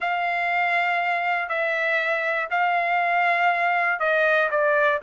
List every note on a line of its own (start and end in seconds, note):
0.00 1.49 F5
1.49 2.49 E5
2.50 3.99 F5
3.99 4.49 D#5
4.50 5.00 D5